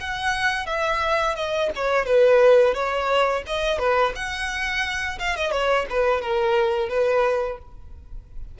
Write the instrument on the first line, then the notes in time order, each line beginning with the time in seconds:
violin
0.00 F#5
0.66 E5
1.35 D#5
1.75 C#5
2.05 B4
2.74 C#5
3.46 D#5
3.78 B4
4.15 F#5
5.19 F5
5.36 D#5
5.51 C#5
5.89 B4
6.21 A#4
6.89 B4